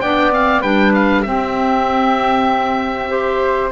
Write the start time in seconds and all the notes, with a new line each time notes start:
0.00 B3 D4 D5 G5
0.31 C4 F5
0.61 G3 D4 B4 G5
0.94 F5
1.22 C4 G4 E5
3.09 G4 C5